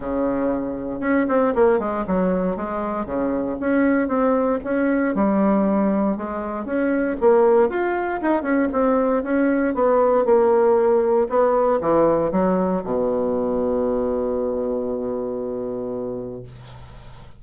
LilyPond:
\new Staff \with { instrumentName = "bassoon" } { \time 4/4 \tempo 4 = 117 cis2 cis'8 c'8 ais8 gis8 | fis4 gis4 cis4 cis'4 | c'4 cis'4 g2 | gis4 cis'4 ais4 f'4 |
dis'8 cis'8 c'4 cis'4 b4 | ais2 b4 e4 | fis4 b,2.~ | b,1 | }